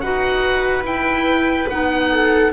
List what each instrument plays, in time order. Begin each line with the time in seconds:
0.00 double bass D#4, clarinet F#4, viola B4, oboe F#5
0.83 clarinet E4, double bass E4, oboe G5
1.70 double bass B3, clarinet D#4, oboe F#5
2.11 viola A4